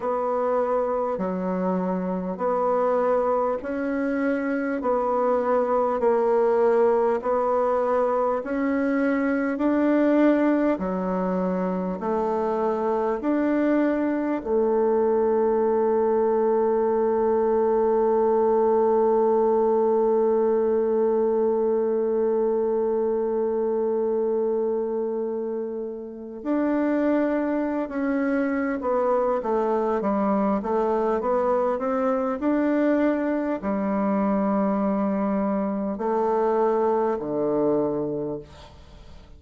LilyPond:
\new Staff \with { instrumentName = "bassoon" } { \time 4/4 \tempo 4 = 50 b4 fis4 b4 cis'4 | b4 ais4 b4 cis'4 | d'4 fis4 a4 d'4 | a1~ |
a1~ | a2 d'4~ d'16 cis'8. | b8 a8 g8 a8 b8 c'8 d'4 | g2 a4 d4 | }